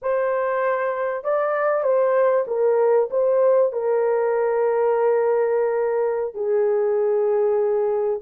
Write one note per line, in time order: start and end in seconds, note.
0.01 1.24 C5
1.24 1.83 D5
1.83 2.45 C5
2.47 3.09 A#4
3.10 3.72 C5
3.72 6.34 A#4
6.34 8.20 G#4